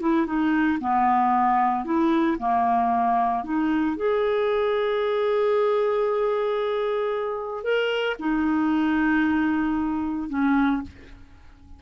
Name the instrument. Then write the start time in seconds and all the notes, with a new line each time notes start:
clarinet
0.00 E4
0.26 D#4
0.81 B3
1.85 E4
2.39 A#3
3.44 D#4
3.96 G#4
7.64 A#4
8.19 D#4
10.29 C#4